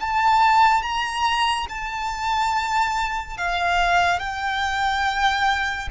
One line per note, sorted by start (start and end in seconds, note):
0.00 0.82 A5
0.82 1.67 A#5
1.69 3.37 A5
3.37 4.19 F5
4.19 5.88 G5